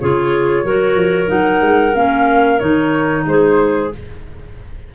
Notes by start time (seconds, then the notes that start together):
0.00 C#3 F4 G#4 C#5
0.64 F#3 F#4 A#4
0.96 F3
1.27 F#3 D#4 F#5
1.62 G#3
1.95 A#3 C#4 F5
2.59 D#3 D#4 C#5
3.26 G#3 G#4 C5